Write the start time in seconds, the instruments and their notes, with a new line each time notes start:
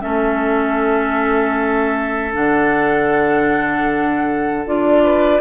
0.00 bassoon A3, clarinet C#4, oboe A4, flute E5
2.33 bassoon D3, clarinet D4, flute F#5
4.66 bassoon D4, clarinet F4, flute D5
5.03 oboe B4